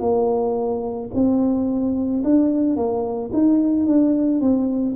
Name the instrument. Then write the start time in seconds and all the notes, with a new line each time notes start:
tuba
0.00 A#3
1.14 C4
2.24 D4
2.76 A#3
3.33 D#4
3.86 D4
4.41 C4